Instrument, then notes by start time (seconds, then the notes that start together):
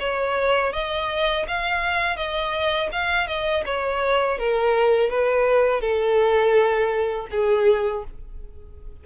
violin
0.00 C#5
0.73 D#5
1.48 F5
2.17 D#5
2.92 F5
3.28 D#5
3.66 C#5
4.39 A#4
5.10 B4
5.81 A4
7.31 G#4